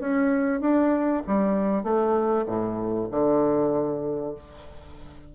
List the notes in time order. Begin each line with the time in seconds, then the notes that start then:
0.00 C#4
0.61 D4
1.27 G3
1.84 A3
2.47 A2
3.11 D3